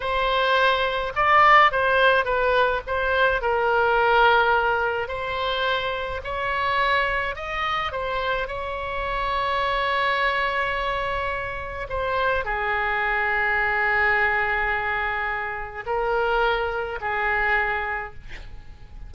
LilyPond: \new Staff \with { instrumentName = "oboe" } { \time 4/4 \tempo 4 = 106 c''2 d''4 c''4 | b'4 c''4 ais'2~ | ais'4 c''2 cis''4~ | cis''4 dis''4 c''4 cis''4~ |
cis''1~ | cis''4 c''4 gis'2~ | gis'1 | ais'2 gis'2 | }